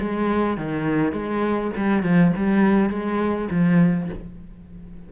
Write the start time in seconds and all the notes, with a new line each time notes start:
0.00 G#3
0.57 D#3
1.13 G#3
1.76 G3
2.03 F3
2.37 G3
2.90 G#3
3.50 F3